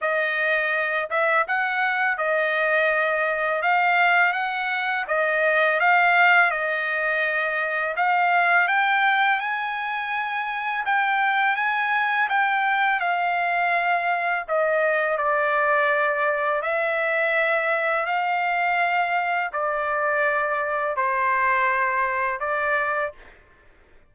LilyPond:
\new Staff \with { instrumentName = "trumpet" } { \time 4/4 \tempo 4 = 83 dis''4. e''8 fis''4 dis''4~ | dis''4 f''4 fis''4 dis''4 | f''4 dis''2 f''4 | g''4 gis''2 g''4 |
gis''4 g''4 f''2 | dis''4 d''2 e''4~ | e''4 f''2 d''4~ | d''4 c''2 d''4 | }